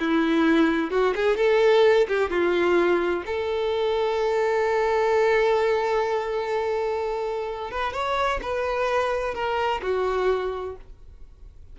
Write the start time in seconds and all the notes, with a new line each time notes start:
0.00 E4
0.91 F#4
1.16 G#4
1.37 A4
2.08 G4
2.30 F4
3.26 A4
7.72 B4
7.93 C#5
8.42 B4
9.35 A#4
9.82 F#4